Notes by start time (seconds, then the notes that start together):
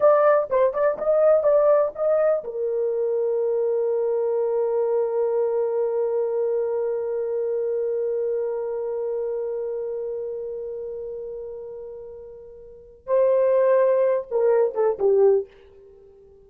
0.00 D5
0.50 C5
0.73 D5
0.98 D#5
1.43 D5
1.95 D#5
2.44 A#4
13.06 C5
14.30 A#4
14.74 A4
14.99 G4